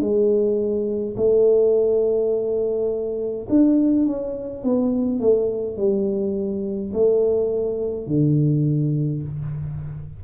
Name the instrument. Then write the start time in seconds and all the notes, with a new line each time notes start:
tuba
0.00 G#3
1.16 A3
3.49 D4
4.05 C#4
4.63 B3
5.20 A3
5.77 G3
6.93 A3
8.07 D3